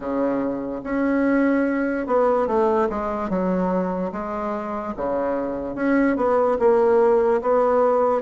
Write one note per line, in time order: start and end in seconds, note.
0.00 0.81 C#3
0.83 2.06 C#4
2.06 2.47 B3
2.47 2.88 A3
2.89 3.29 G#3
3.29 4.11 F#3
4.11 4.94 G#3
4.96 5.75 C#3
5.75 6.16 C#4
6.16 6.57 B3
6.59 7.41 A#3
7.41 8.21 B3